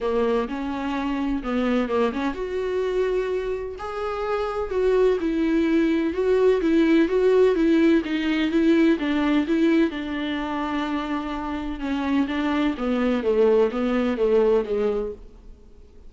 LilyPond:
\new Staff \with { instrumentName = "viola" } { \time 4/4 \tempo 4 = 127 ais4 cis'2 b4 | ais8 cis'8 fis'2. | gis'2 fis'4 e'4~ | e'4 fis'4 e'4 fis'4 |
e'4 dis'4 e'4 d'4 | e'4 d'2.~ | d'4 cis'4 d'4 b4 | a4 b4 a4 gis4 | }